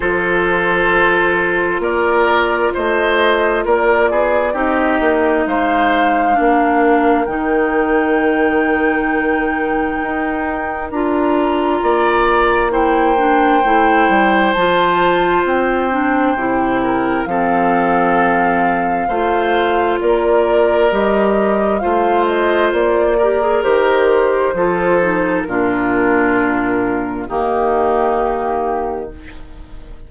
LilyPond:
<<
  \new Staff \with { instrumentName = "flute" } { \time 4/4 \tempo 4 = 66 c''2 d''4 dis''4 | d''4 dis''4 f''2 | g''1 | ais''2 g''2 |
a''4 g''2 f''4~ | f''2 d''4 dis''4 | f''8 dis''8 d''4 c''2 | ais'2 g'2 | }
  \new Staff \with { instrumentName = "oboe" } { \time 4/4 a'2 ais'4 c''4 | ais'8 gis'8 g'4 c''4 ais'4~ | ais'1~ | ais'4 d''4 c''2~ |
c''2~ c''8 ais'8 a'4~ | a'4 c''4 ais'2 | c''4. ais'4. a'4 | f'2 dis'2 | }
  \new Staff \with { instrumentName = "clarinet" } { \time 4/4 f'1~ | f'4 dis'2 d'4 | dis'1 | f'2 e'8 d'8 e'4 |
f'4. d'8 e'4 c'4~ | c'4 f'2 g'4 | f'4. g'16 gis'16 g'4 f'8 dis'8 | d'2 ais2 | }
  \new Staff \with { instrumentName = "bassoon" } { \time 4/4 f2 ais4 a4 | ais8 b8 c'8 ais8 gis4 ais4 | dis2. dis'4 | d'4 ais2 a8 g8 |
f4 c'4 c4 f4~ | f4 a4 ais4 g4 | a4 ais4 dis4 f4 | ais,2 dis2 | }
>>